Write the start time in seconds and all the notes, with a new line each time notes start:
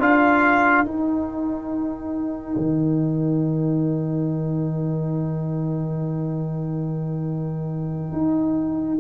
0.00 D4 F4 A#4 F5
0.85 D#4 G5
2.57 D#3
8.12 D#4